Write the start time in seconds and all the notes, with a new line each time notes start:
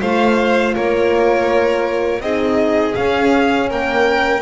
0.00 A3 F4 C5 F5
0.74 A#3 A#4 C#5
2.20 C4 D#4 G#4 D#5
2.94 C#4 F5
3.69 A#3 A#4 G5